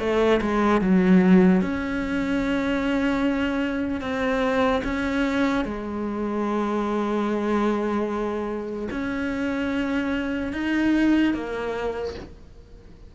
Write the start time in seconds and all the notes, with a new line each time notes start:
0.00 A3
0.41 G#3
0.81 F#3
1.62 C#4
4.01 C4
4.84 C#4
5.65 G#3
8.91 C#4
10.53 D#4
11.34 A#3